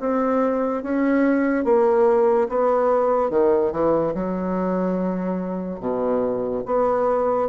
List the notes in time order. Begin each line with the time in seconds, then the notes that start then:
0.00 C4
0.83 C#4
1.64 A#3
2.49 B3
3.30 D#3
3.72 E3
4.14 F#3
5.80 B2
6.66 B3